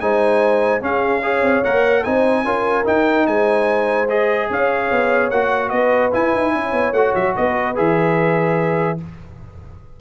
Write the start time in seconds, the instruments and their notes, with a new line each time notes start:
0.00 tuba G#3, trombone D#4, horn C5, trumpet G#5
0.81 trombone C#4, tuba C#4, horn G#4, trumpet F5
1.22 trombone G#4, horn C#5
1.42 tuba C4
1.64 tuba A#3, trombone A#4, trumpet F#5
2.03 tuba C4, trombone D#4, horn C5, trumpet G#5
2.44 tuba C#4, trombone F4, horn A#4
2.84 trombone D#4, tuba D#4, trumpet G5
3.27 tuba G#3, horn C5, trumpet G#5
4.09 trombone G#4, trumpet D#5
4.50 tuba C#4, horn C#5, trumpet F5
4.91 tuba B3
5.31 tuba A#3, trombone F#4, trumpet F#5
5.69 tuba B3, horn B4, trumpet D#5
6.12 trombone E4, tuba E4, trumpet G#5
6.34 tuba D#4
6.53 tuba C#4, horn C#5
6.72 tuba B3
6.92 tuba A3, trombone F#4, trumpet F#5
7.15 tuba F#3, trumpet E5
7.36 tuba B3, horn B4, trumpet D#5
7.75 tuba E3, trombone G#4, trumpet E5